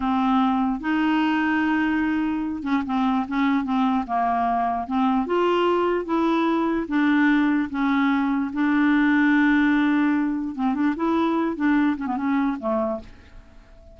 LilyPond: \new Staff \with { instrumentName = "clarinet" } { \time 4/4 \tempo 4 = 148 c'2 dis'2~ | dis'2~ dis'8 cis'8 c'4 | cis'4 c'4 ais2 | c'4 f'2 e'4~ |
e'4 d'2 cis'4~ | cis'4 d'2.~ | d'2 c'8 d'8 e'4~ | e'8 d'4 cis'16 b16 cis'4 a4 | }